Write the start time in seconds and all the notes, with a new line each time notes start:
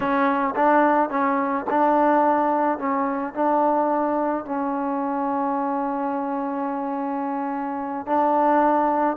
0.00 C#4
0.55 D4
1.09 C#4
1.70 D4
2.78 C#4
3.34 D4
4.45 C#4
8.06 D4